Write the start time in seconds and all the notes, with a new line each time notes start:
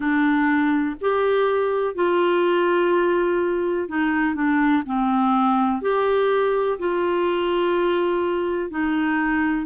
0.00 D4
1.00 G4
1.94 F4
3.88 D#4
4.35 D4
4.86 C4
5.81 G4
6.78 F4
8.70 D#4